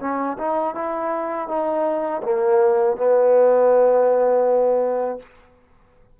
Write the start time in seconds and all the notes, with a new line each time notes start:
0.00 C#4
0.38 D#4
0.74 E4
1.48 D#4
2.23 A#3
2.97 B3